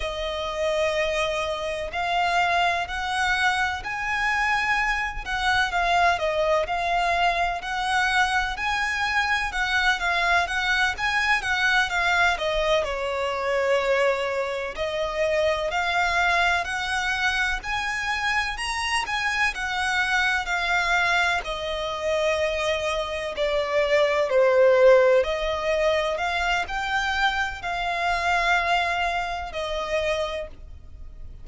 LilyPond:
\new Staff \with { instrumentName = "violin" } { \time 4/4 \tempo 4 = 63 dis''2 f''4 fis''4 | gis''4. fis''8 f''8 dis''8 f''4 | fis''4 gis''4 fis''8 f''8 fis''8 gis''8 | fis''8 f''8 dis''8 cis''2 dis''8~ |
dis''8 f''4 fis''4 gis''4 ais''8 | gis''8 fis''4 f''4 dis''4.~ | dis''8 d''4 c''4 dis''4 f''8 | g''4 f''2 dis''4 | }